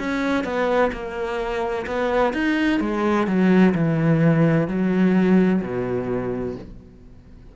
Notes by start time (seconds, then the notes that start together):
0.00 C#4
0.45 B3
0.92 A#3
1.87 B3
2.34 D#4
2.80 G#3
3.27 F#3
3.75 E3
4.68 F#3
5.62 B2